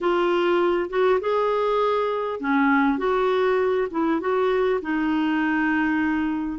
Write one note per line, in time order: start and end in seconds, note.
0.00 0.89 F4
0.89 1.19 F#4
1.20 2.39 G#4
2.39 2.98 C#4
2.98 3.88 F#4
3.90 4.20 E4
4.20 4.80 F#4
4.81 6.59 D#4